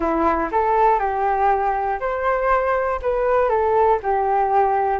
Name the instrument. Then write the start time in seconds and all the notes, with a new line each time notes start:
flute
0.00 E4
0.51 A4
0.99 G4
2.00 C5
3.02 B4
3.49 A4
4.02 G4